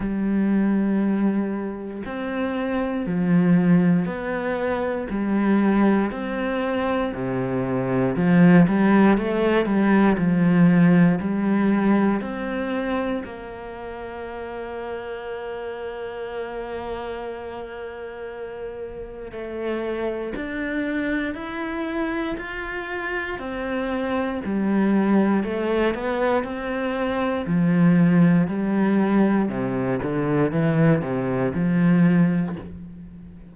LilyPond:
\new Staff \with { instrumentName = "cello" } { \time 4/4 \tempo 4 = 59 g2 c'4 f4 | b4 g4 c'4 c4 | f8 g8 a8 g8 f4 g4 | c'4 ais2.~ |
ais2. a4 | d'4 e'4 f'4 c'4 | g4 a8 b8 c'4 f4 | g4 c8 d8 e8 c8 f4 | }